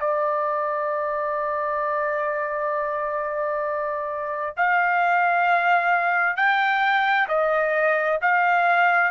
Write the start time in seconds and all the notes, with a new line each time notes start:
0.00 D5
4.57 F5
6.37 G5
7.29 D#5
8.22 F5